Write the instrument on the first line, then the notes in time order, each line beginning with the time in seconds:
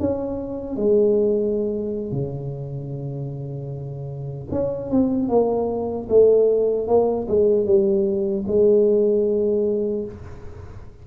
tuba
0.00 C#4
0.76 G#3
2.12 C#3
4.51 C#4
4.91 C4
5.29 A#3
6.09 A3
6.88 A#3
7.28 G#3
7.66 G3
8.48 G#3